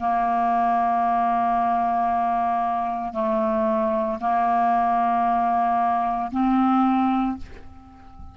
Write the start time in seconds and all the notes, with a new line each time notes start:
0.00 A#3
3.13 A3
4.21 A#3
6.32 C4